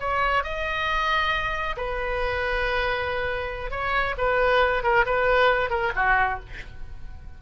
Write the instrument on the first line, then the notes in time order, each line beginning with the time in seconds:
oboe
0.00 C#5
0.44 D#5
1.77 B4
3.71 C#5
4.18 B4
4.83 A#4
5.06 B4
5.70 A#4
5.96 F#4